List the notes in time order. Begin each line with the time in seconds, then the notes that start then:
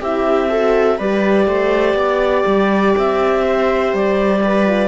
0.00 C4 E4 G4 E5
0.49 F#4 A4
0.98 G3 G4 B4 D5
1.47 A3 C5
1.94 B3 D5
2.46 G3
2.97 C4 E5
3.42 C5
3.93 G3 D5
4.44 B4
4.66 F4